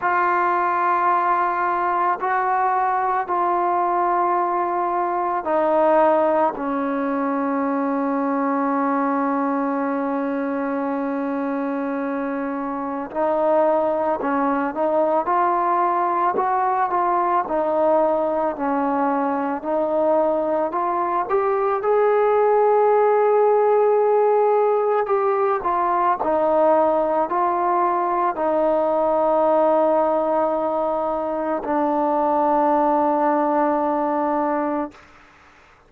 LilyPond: \new Staff \with { instrumentName = "trombone" } { \time 4/4 \tempo 4 = 55 f'2 fis'4 f'4~ | f'4 dis'4 cis'2~ | cis'1 | dis'4 cis'8 dis'8 f'4 fis'8 f'8 |
dis'4 cis'4 dis'4 f'8 g'8 | gis'2. g'8 f'8 | dis'4 f'4 dis'2~ | dis'4 d'2. | }